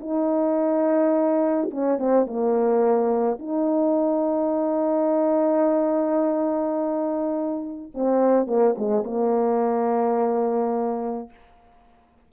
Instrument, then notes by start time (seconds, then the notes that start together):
horn
0.00 D#4
1.71 C#4
1.98 C4
2.26 A#3
3.39 D#4
7.94 C4
8.47 A#3
8.77 G#3
9.04 A#3